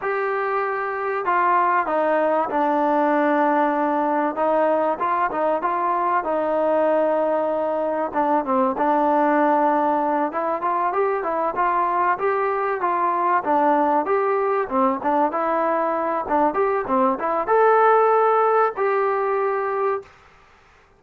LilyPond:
\new Staff \with { instrumentName = "trombone" } { \time 4/4 \tempo 4 = 96 g'2 f'4 dis'4 | d'2. dis'4 | f'8 dis'8 f'4 dis'2~ | dis'4 d'8 c'8 d'2~ |
d'8 e'8 f'8 g'8 e'8 f'4 g'8~ | g'8 f'4 d'4 g'4 c'8 | d'8 e'4. d'8 g'8 c'8 e'8 | a'2 g'2 | }